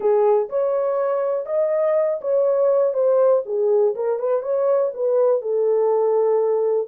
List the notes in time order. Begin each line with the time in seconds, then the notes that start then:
0.00 G#4
0.49 C#5
1.46 D#5
2.21 C#5
2.93 C5
3.45 G#4
3.95 A#4
4.19 B4
4.42 C#5
4.94 B4
5.41 A4